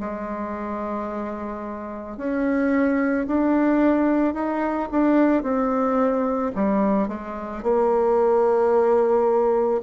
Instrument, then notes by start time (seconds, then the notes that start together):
bassoon
0.00 G#3
2.18 C#4
3.27 D4
4.34 D#4
4.91 D4
5.43 C4
6.56 G3
7.09 G#3
7.63 A#3